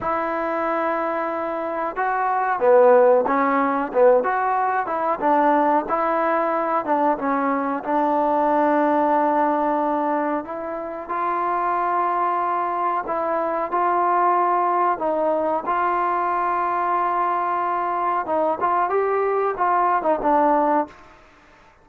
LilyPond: \new Staff \with { instrumentName = "trombone" } { \time 4/4 \tempo 4 = 92 e'2. fis'4 | b4 cis'4 b8 fis'4 e'8 | d'4 e'4. d'8 cis'4 | d'1 |
e'4 f'2. | e'4 f'2 dis'4 | f'1 | dis'8 f'8 g'4 f'8. dis'16 d'4 | }